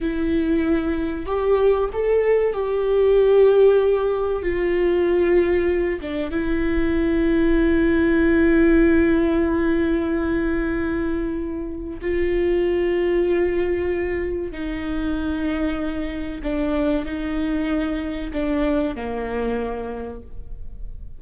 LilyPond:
\new Staff \with { instrumentName = "viola" } { \time 4/4 \tempo 4 = 95 e'2 g'4 a'4 | g'2. f'4~ | f'4. d'8 e'2~ | e'1~ |
e'2. f'4~ | f'2. dis'4~ | dis'2 d'4 dis'4~ | dis'4 d'4 ais2 | }